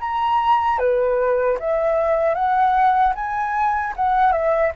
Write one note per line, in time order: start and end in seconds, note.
0.00 0.79 A#5
0.79 1.58 B4
1.59 2.35 E5
2.35 3.14 F#5
3.15 3.94 G#5
3.97 4.32 F#5
4.32 4.72 E5